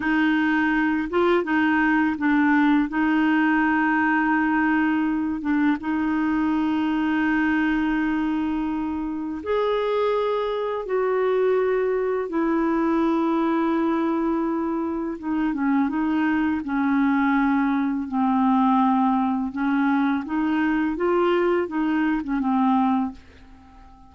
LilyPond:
\new Staff \with { instrumentName = "clarinet" } { \time 4/4 \tempo 4 = 83 dis'4. f'8 dis'4 d'4 | dis'2.~ dis'8 d'8 | dis'1~ | dis'4 gis'2 fis'4~ |
fis'4 e'2.~ | e'4 dis'8 cis'8 dis'4 cis'4~ | cis'4 c'2 cis'4 | dis'4 f'4 dis'8. cis'16 c'4 | }